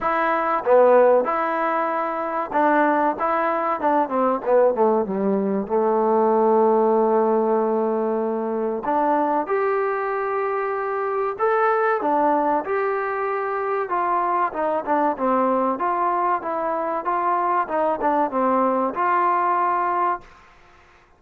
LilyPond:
\new Staff \with { instrumentName = "trombone" } { \time 4/4 \tempo 4 = 95 e'4 b4 e'2 | d'4 e'4 d'8 c'8 b8 a8 | g4 a2.~ | a2 d'4 g'4~ |
g'2 a'4 d'4 | g'2 f'4 dis'8 d'8 | c'4 f'4 e'4 f'4 | dis'8 d'8 c'4 f'2 | }